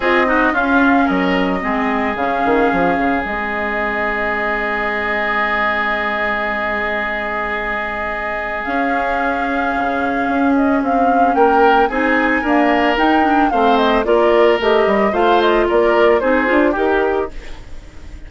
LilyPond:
<<
  \new Staff \with { instrumentName = "flute" } { \time 4/4 \tempo 4 = 111 dis''4 f''4 dis''2 | f''2 dis''2~ | dis''1~ | dis''1 |
f''2.~ f''8 dis''8 | f''4 g''4 gis''2 | g''4 f''8 dis''8 d''4 dis''4 | f''8 dis''8 d''4 c''4 ais'4 | }
  \new Staff \with { instrumentName = "oboe" } { \time 4/4 gis'8 fis'8 f'4 ais'4 gis'4~ | gis'1~ | gis'1~ | gis'1~ |
gis'1~ | gis'4 ais'4 gis'4 ais'4~ | ais'4 c''4 ais'2 | c''4 ais'4 gis'4 g'4 | }
  \new Staff \with { instrumentName = "clarinet" } { \time 4/4 f'8 dis'8 cis'2 c'4 | cis'2 c'2~ | c'1~ | c'1 |
cis'1~ | cis'2 dis'4 ais4 | dis'8 d'8 c'4 f'4 g'4 | f'2 dis'8 f'8 g'4 | }
  \new Staff \with { instrumentName = "bassoon" } { \time 4/4 c'4 cis'4 fis4 gis4 | cis8 dis8 f8 cis8 gis2~ | gis1~ | gis1 |
cis'2 cis4 cis'4 | c'4 ais4 c'4 d'4 | dis'4 a4 ais4 a8 g8 | a4 ais4 c'8 d'8 dis'4 | }
>>